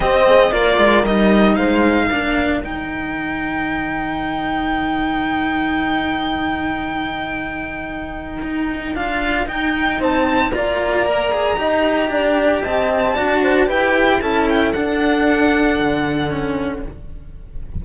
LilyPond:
<<
  \new Staff \with { instrumentName = "violin" } { \time 4/4 \tempo 4 = 114 dis''4 d''4 dis''4 f''4~ | f''4 g''2.~ | g''1~ | g''1~ |
g''4 f''4 g''4 a''4 | ais''1 | a''2 g''4 a''8 g''8 | fis''1 | }
  \new Staff \with { instrumentName = "horn" } { \time 4/4 g'8 gis'8 ais'2 c''4 | ais'1~ | ais'1~ | ais'1~ |
ais'2. c''4 | d''2 dis''4 d''4 | dis''4 d''8 c''8 b'4 a'4~ | a'1 | }
  \new Staff \with { instrumentName = "cello" } { \time 4/4 c'4 f'4 dis'2 | d'4 dis'2.~ | dis'1~ | dis'1~ |
dis'4 f'4 dis'2 | f'4 ais'8 gis'8 g'2~ | g'4 fis'4 g'4 e'4 | d'2. cis'4 | }
  \new Staff \with { instrumentName = "cello" } { \time 4/4 c'4 ais8 gis8 g4 gis4 | ais4 dis2.~ | dis1~ | dis1 |
dis'4 d'4 dis'4 c'4 | ais2 dis'4 d'4 | c'4 d'4 e'4 cis'4 | d'2 d2 | }
>>